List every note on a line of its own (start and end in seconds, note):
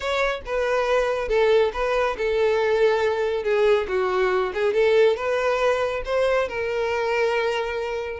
0.00 0.41 C#5
0.45 1.28 B4
1.28 1.71 A4
1.73 2.16 B4
2.17 3.43 A4
3.43 3.86 G#4
3.88 4.52 F#4
4.53 4.73 G#4
4.73 5.16 A4
5.16 6.02 B4
6.05 6.48 C5
6.48 8.20 A#4